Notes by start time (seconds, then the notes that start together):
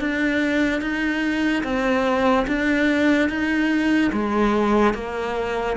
0.00 D4
0.81 D#4
1.64 C4
2.48 D4
3.30 D#4
4.13 G#3
4.94 A#3